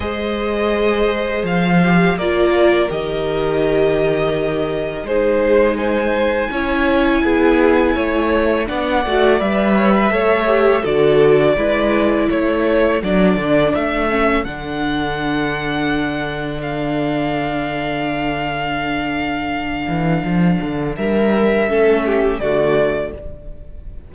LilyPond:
<<
  \new Staff \with { instrumentName = "violin" } { \time 4/4 \tempo 4 = 83 dis''2 f''4 d''4 | dis''2. c''4 | gis''1 | fis''4 e''2 d''4~ |
d''4 cis''4 d''4 e''4 | fis''2. f''4~ | f''1~ | f''4 e''2 d''4 | }
  \new Staff \with { instrumentName = "violin" } { \time 4/4 c''2. ais'4~ | ais'2. gis'4 | c''4 cis''4 gis'4 cis''4 | d''4. cis''16 b'16 cis''4 a'4 |
b'4 a'2.~ | a'1~ | a'1~ | a'4 ais'4 a'8 g'8 fis'4 | }
  \new Staff \with { instrumentName = "viola" } { \time 4/4 gis'2~ gis'8 g'8 f'4 | g'2. dis'4~ | dis'4 e'2. | d'8 fis'8 b'4 a'8 g'8 fis'4 |
e'2 d'4. cis'8 | d'1~ | d'1~ | d'2 cis'4 a4 | }
  \new Staff \with { instrumentName = "cello" } { \time 4/4 gis2 f4 ais4 | dis2. gis4~ | gis4 cis'4 b4 a4 | b8 a8 g4 a4 d4 |
gis4 a4 fis8 d8 a4 | d1~ | d2.~ d8 e8 | f8 d8 g4 a4 d4 | }
>>